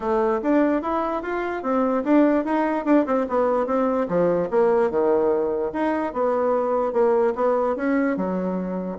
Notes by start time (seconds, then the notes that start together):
0.00 A3
0.42 D4
0.82 E4
1.22 F4
1.62 C4
2.04 D4
2.44 D#4
2.85 D4
3.06 C4
3.28 B3
3.66 C4
4.08 F3
4.50 A#3
4.90 D#3
5.72 D#4
6.13 B3
6.92 A#3
7.35 B3
7.76 C#4
8.17 F#3